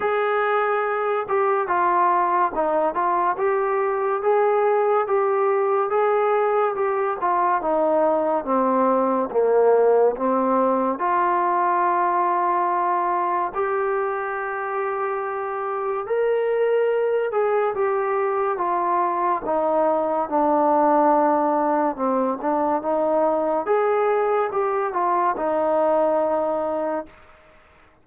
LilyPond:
\new Staff \with { instrumentName = "trombone" } { \time 4/4 \tempo 4 = 71 gis'4. g'8 f'4 dis'8 f'8 | g'4 gis'4 g'4 gis'4 | g'8 f'8 dis'4 c'4 ais4 | c'4 f'2. |
g'2. ais'4~ | ais'8 gis'8 g'4 f'4 dis'4 | d'2 c'8 d'8 dis'4 | gis'4 g'8 f'8 dis'2 | }